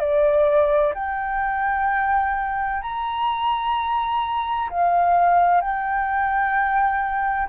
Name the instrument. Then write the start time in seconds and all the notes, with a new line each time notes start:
flute
0.00 D5
0.95 G5
2.82 A#5
4.70 F5
5.61 G5